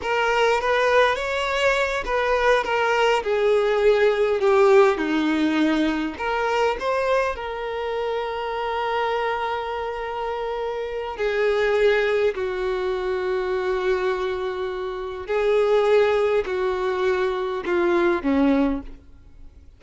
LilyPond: \new Staff \with { instrumentName = "violin" } { \time 4/4 \tempo 4 = 102 ais'4 b'4 cis''4. b'8~ | b'8 ais'4 gis'2 g'8~ | g'8 dis'2 ais'4 c''8~ | c''8 ais'2.~ ais'8~ |
ais'2. gis'4~ | gis'4 fis'2.~ | fis'2 gis'2 | fis'2 f'4 cis'4 | }